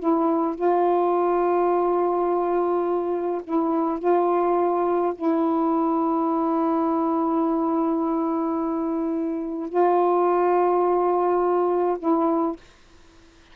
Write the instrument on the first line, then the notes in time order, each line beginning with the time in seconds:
saxophone
0.00 E4
0.56 F4
3.44 E4
3.99 F4
5.15 E4
9.69 F4
11.99 E4